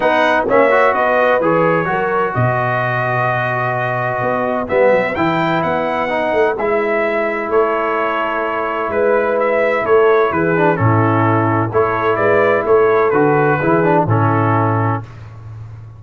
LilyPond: <<
  \new Staff \with { instrumentName = "trumpet" } { \time 4/4 \tempo 4 = 128 fis''4 e''4 dis''4 cis''4~ | cis''4 dis''2.~ | dis''2 e''4 g''4 | fis''2 e''2 |
cis''2. b'4 | e''4 cis''4 b'4 a'4~ | a'4 cis''4 d''4 cis''4 | b'2 a'2 | }
  \new Staff \with { instrumentName = "horn" } { \time 4/4 b'4 cis''4 b'2 | ais'4 b'2.~ | b'1~ | b'1 |
a'2. b'4~ | b'4 a'4 gis'4 e'4~ | e'4 a'4 b'4 a'4~ | a'4 gis'4 e'2 | }
  \new Staff \with { instrumentName = "trombone" } { \time 4/4 dis'4 cis'8 fis'4. gis'4 | fis'1~ | fis'2 b4 e'4~ | e'4 dis'4 e'2~ |
e'1~ | e'2~ e'8 d'8 cis'4~ | cis'4 e'2. | fis'4 e'8 d'8 cis'2 | }
  \new Staff \with { instrumentName = "tuba" } { \time 4/4 b4 ais4 b4 e4 | fis4 b,2.~ | b,4 b4 g8 fis8 e4 | b4. a8 gis2 |
a2. gis4~ | gis4 a4 e4 a,4~ | a,4 a4 gis4 a4 | d4 e4 a,2 | }
>>